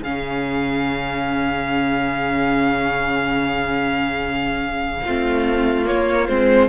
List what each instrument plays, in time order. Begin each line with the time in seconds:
0.00 cello C#3, viola C#4, violin G#4 F5
5.05 cello A3, viola C4, violin F4
5.85 viola A#3, violin C#5
5.91 cello A#3
6.27 cello G#3, viola C4, violin C5